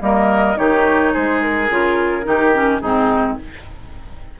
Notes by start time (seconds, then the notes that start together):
0.00 G3 A#3 A#4 D#5
0.56 D#3 D#4 G4 C#5
1.13 G#3 G#4 C5
1.42 A#4
1.69 C#3 F4
2.23 D#3 D#4 G4
2.53 C#4
2.80 G#2 C4 D#4 G#4